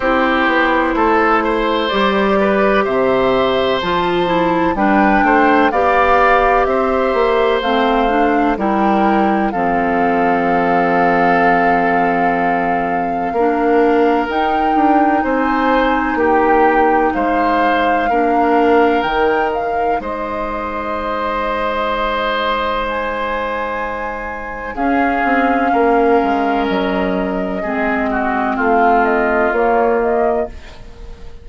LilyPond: <<
  \new Staff \with { instrumentName = "flute" } { \time 4/4 \tempo 4 = 63 c''2 d''4 e''4 | a''4 g''4 f''4 e''4 | f''4 g''4 f''2~ | f''2. g''4 |
gis''4 g''4 f''2 | g''8 f''8 dis''2. | gis''2 f''2 | dis''2 f''8 dis''8 cis''8 dis''8 | }
  \new Staff \with { instrumentName = "oboe" } { \time 4/4 g'4 a'8 c''4 b'8 c''4~ | c''4 b'8 c''8 d''4 c''4~ | c''4 ais'4 a'2~ | a'2 ais'2 |
c''4 g'4 c''4 ais'4~ | ais'4 c''2.~ | c''2 gis'4 ais'4~ | ais'4 gis'8 fis'8 f'2 | }
  \new Staff \with { instrumentName = "clarinet" } { \time 4/4 e'2 g'2 | f'8 e'8 d'4 g'2 | c'8 d'8 e'4 c'2~ | c'2 d'4 dis'4~ |
dis'2. d'4 | dis'1~ | dis'2 cis'2~ | cis'4 c'2 ais4 | }
  \new Staff \with { instrumentName = "bassoon" } { \time 4/4 c'8 b8 a4 g4 c4 | f4 g8 a8 b4 c'8 ais8 | a4 g4 f2~ | f2 ais4 dis'8 d'8 |
c'4 ais4 gis4 ais4 | dis4 gis2.~ | gis2 cis'8 c'8 ais8 gis8 | fis4 gis4 a4 ais4 | }
>>